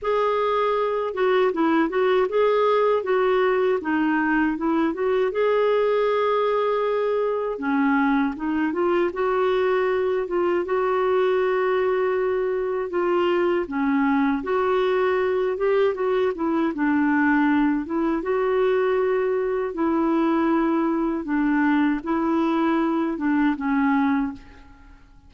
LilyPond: \new Staff \with { instrumentName = "clarinet" } { \time 4/4 \tempo 4 = 79 gis'4. fis'8 e'8 fis'8 gis'4 | fis'4 dis'4 e'8 fis'8 gis'4~ | gis'2 cis'4 dis'8 f'8 | fis'4. f'8 fis'2~ |
fis'4 f'4 cis'4 fis'4~ | fis'8 g'8 fis'8 e'8 d'4. e'8 | fis'2 e'2 | d'4 e'4. d'8 cis'4 | }